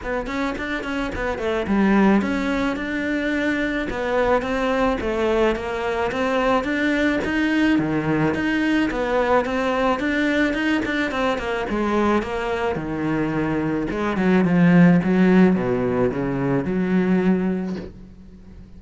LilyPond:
\new Staff \with { instrumentName = "cello" } { \time 4/4 \tempo 4 = 108 b8 cis'8 d'8 cis'8 b8 a8 g4 | cis'4 d'2 b4 | c'4 a4 ais4 c'4 | d'4 dis'4 dis4 dis'4 |
b4 c'4 d'4 dis'8 d'8 | c'8 ais8 gis4 ais4 dis4~ | dis4 gis8 fis8 f4 fis4 | b,4 cis4 fis2 | }